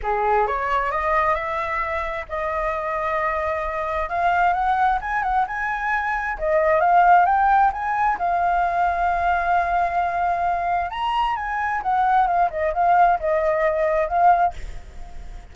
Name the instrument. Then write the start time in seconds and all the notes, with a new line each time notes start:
flute
0.02 G#4
0.47 C#5
0.91 D#5
1.34 E5
2.29 D#5
4.09 F5
4.53 F#5
5.01 G#5
5.23 F#5
5.47 G#5
6.38 D#5
6.80 F5
7.25 G5
7.72 G#5
8.18 F5
10.90 A#5
11.36 G#5
11.82 F#5
12.27 F5
12.50 D#5
12.73 F5
13.19 D#5
14.08 F5